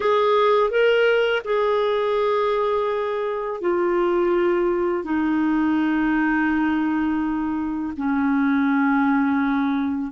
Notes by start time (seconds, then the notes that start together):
0.00 G#4
0.70 A#4
1.44 G#4
3.60 F4
5.04 D#4
7.96 C#4